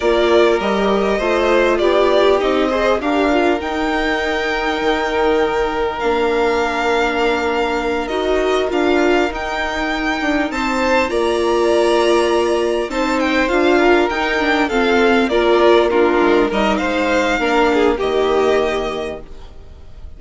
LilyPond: <<
  \new Staff \with { instrumentName = "violin" } { \time 4/4 \tempo 4 = 100 d''4 dis''2 d''4 | dis''4 f''4 g''2~ | g''2 f''2~ | f''4. dis''4 f''4 g''8~ |
g''4. a''4 ais''4.~ | ais''4. a''8 g''8 f''4 g''8~ | g''8 f''4 d''4 ais'4 dis''8 | f''2 dis''2 | }
  \new Staff \with { instrumentName = "violin" } { \time 4/4 ais'2 c''4 g'4~ | g'8 c''8 ais'2.~ | ais'1~ | ais'1~ |
ais'4. c''4 d''4.~ | d''4. c''4. ais'4~ | ais'8 a'4 ais'4 f'4 ais'8 | c''4 ais'8 gis'8 g'2 | }
  \new Staff \with { instrumentName = "viola" } { \time 4/4 f'4 g'4 f'2 | dis'8 gis'8 g'8 f'8 dis'2~ | dis'2 d'2~ | d'4. fis'4 f'4 dis'8~ |
dis'2~ dis'8 f'4.~ | f'4. dis'4 f'4 dis'8 | d'8 c'4 f'4 d'4 dis'8~ | dis'4 d'4 ais2 | }
  \new Staff \with { instrumentName = "bassoon" } { \time 4/4 ais4 g4 a4 b4 | c'4 d'4 dis'2 | dis2 ais2~ | ais4. dis'4 d'4 dis'8~ |
dis'4 d'8 c'4 ais4.~ | ais4. c'4 d'4 dis'8~ | dis'8 f'4 ais4. gis8 g8 | gis4 ais4 dis2 | }
>>